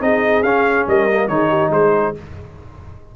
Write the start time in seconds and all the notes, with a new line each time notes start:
0.00 C4 D#4 G#4 D#5
0.43 C#4 F5
0.87 G3 A#4 D#5
1.10 A#3
1.28 D#3 D#4 G#4 C#5
1.49 G4
1.70 G#3 G#4 C5